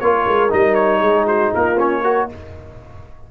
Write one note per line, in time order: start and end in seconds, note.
0.00 0.26 A#3
0.00 0.49 F4
0.00 1.01 A#4
0.00 0.51 C#5
0.26 0.52 G#3
0.49 1.01 G3
0.49 1.76 D#4
0.49 0.74 D#5
0.74 1.25 C#5
1.01 1.52 G#3
1.01 1.26 G#4
1.26 1.52 F#4
1.26 1.53 C5
1.52 2.31 A#3
1.52 2.03 F4
1.52 1.79 A#4
1.78 2.03 C#4
1.78 2.30 C#5
2.04 2.29 F#4
2.04 2.29 A#4